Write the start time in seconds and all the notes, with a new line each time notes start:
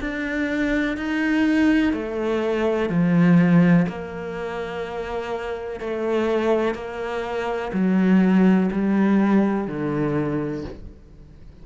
0.00 D4
0.97 D#4
1.93 A3
2.89 F3
3.89 A#3
5.80 A3
6.74 A#3
7.73 F#3
8.72 G3
9.67 D3